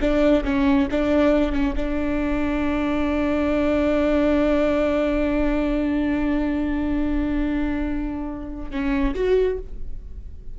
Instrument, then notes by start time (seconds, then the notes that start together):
viola
0.00 D4
0.44 C#4
0.91 D4
1.52 C#4
1.76 D4
8.71 C#4
9.14 F#4